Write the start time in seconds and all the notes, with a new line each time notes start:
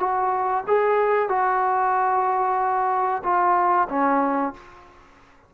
0.00 F#4
0.68 G#4
1.29 F#4
3.24 F4
3.90 C#4